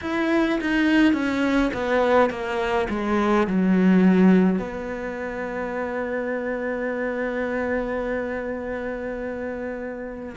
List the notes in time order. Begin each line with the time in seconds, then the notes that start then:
0.01 E4
0.60 D#4
1.13 C#4
1.73 B3
2.30 A#3
2.89 G#3
3.47 F#3
4.58 B3